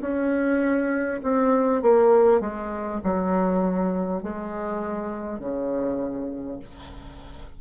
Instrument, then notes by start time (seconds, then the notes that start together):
bassoon
0.00 C#4
1.22 C4
1.82 A#3
2.40 G#3
3.03 F#3
4.23 G#3
5.39 C#3